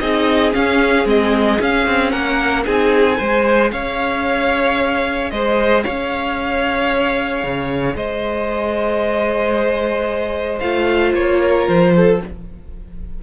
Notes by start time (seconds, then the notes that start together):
0.00 C4 D#4 G#4 D#5
0.53 C#4 F5
1.06 G#3 C4 D#5
1.61 C#4 F5
1.87 C4
2.11 A#3 A#4 F#5
2.66 C4 D#4 G#4 G#5
3.18 G#3 G#4 C5
3.72 C#4 C#5 F5
5.31 G#3 C5 D#5
5.84 C#4 C#5 F5
7.44 C#3
7.95 G#3 C5 D#5
10.60 A3 F4 F5
11.14 A#3 C#5
11.40 A#4
11.69 F3 C5
11.97 A4